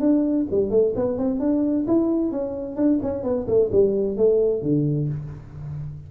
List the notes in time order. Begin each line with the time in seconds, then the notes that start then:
0.00 D4
0.51 G3
0.70 A3
0.96 B3
1.18 C4
1.40 D4
1.87 E4
2.31 C#4
2.76 D4
3.03 C#4
3.23 B3
3.48 A3
3.72 G3
4.17 A3
4.62 D3